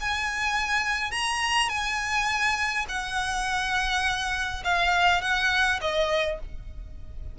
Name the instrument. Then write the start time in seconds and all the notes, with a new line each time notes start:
violin
0.00 G#5
1.11 A#5
1.69 G#5
2.88 F#5
4.64 F5
5.21 F#5
5.81 D#5